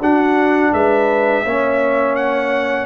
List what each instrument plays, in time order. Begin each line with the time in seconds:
0.00 tuba D4, trombone D4, horn F#4, trumpet F#5
0.73 tuba G#3, horn B4, trumpet E5
1.44 tuba A#3, trombone C#4, horn C#5
2.15 trumpet F#5